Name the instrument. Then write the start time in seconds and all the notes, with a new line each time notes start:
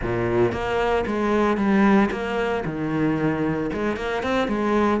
cello
0.02 A#2
0.52 A#3
1.06 G#3
1.57 G3
2.11 A#3
2.65 D#3
3.73 G#3
3.96 A#3
4.22 C4
4.48 G#3